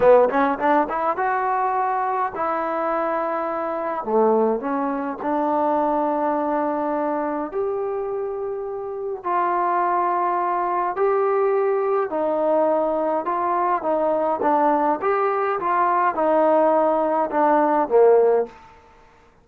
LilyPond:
\new Staff \with { instrumentName = "trombone" } { \time 4/4 \tempo 4 = 104 b8 cis'8 d'8 e'8 fis'2 | e'2. a4 | cis'4 d'2.~ | d'4 g'2. |
f'2. g'4~ | g'4 dis'2 f'4 | dis'4 d'4 g'4 f'4 | dis'2 d'4 ais4 | }